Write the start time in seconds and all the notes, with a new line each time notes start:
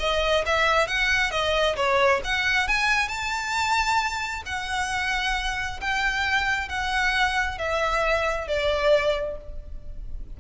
0.00 D#5
0.46 E5
0.88 F#5
1.31 D#5
1.76 C#5
2.24 F#5
2.68 G#5
3.08 A5
4.46 F#5
5.81 G5
6.69 F#5
7.58 E5
8.47 D5